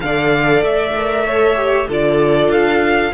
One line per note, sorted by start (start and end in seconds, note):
0.00 0.63 D3
0.00 0.94 A4
0.00 1.26 D5
0.00 0.63 F5
0.63 1.88 A3
0.63 1.90 E5
0.96 1.27 A#4
1.26 1.56 A4
1.26 1.88 C#5
1.56 1.87 G4
1.88 2.49 D3
1.88 3.14 F4
1.88 3.13 A4
1.88 2.52 D5
2.49 3.11 D4
2.49 3.14 F5